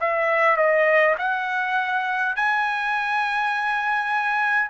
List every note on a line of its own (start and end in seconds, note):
0.00 0.57 E5
0.57 1.16 D#5
1.18 2.36 F#5
2.36 4.70 G#5